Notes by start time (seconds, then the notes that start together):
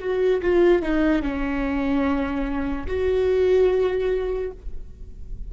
0.00 F#4
0.42 F4
0.83 D#4
1.23 C#4
2.87 F#4